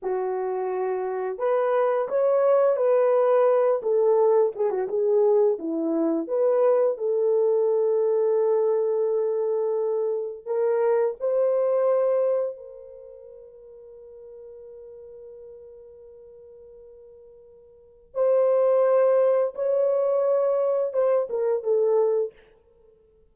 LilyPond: \new Staff \with { instrumentName = "horn" } { \time 4/4 \tempo 4 = 86 fis'2 b'4 cis''4 | b'4. a'4 gis'16 fis'16 gis'4 | e'4 b'4 a'2~ | a'2. ais'4 |
c''2 ais'2~ | ais'1~ | ais'2 c''2 | cis''2 c''8 ais'8 a'4 | }